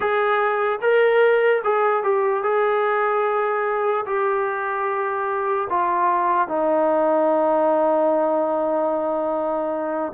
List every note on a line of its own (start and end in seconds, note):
0.00 0.79 G#4
0.81 1.62 A#4
1.64 2.03 G#4
2.03 2.43 G4
2.43 4.05 G#4
4.05 5.68 G4
5.69 6.48 F4
6.48 10.12 D#4